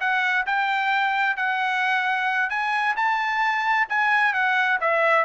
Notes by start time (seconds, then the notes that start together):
0.00 F#5
0.46 G5
1.37 F#5
2.50 G#5
2.96 A5
3.89 G#5
4.33 F#5
4.80 E5